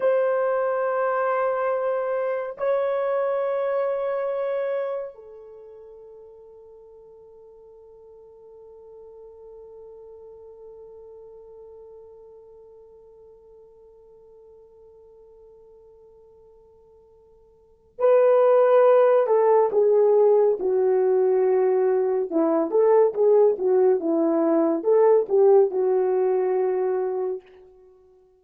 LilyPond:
\new Staff \with { instrumentName = "horn" } { \time 4/4 \tempo 4 = 70 c''2. cis''4~ | cis''2 a'2~ | a'1~ | a'1~ |
a'1~ | a'4 b'4. a'8 gis'4 | fis'2 e'8 a'8 gis'8 fis'8 | e'4 a'8 g'8 fis'2 | }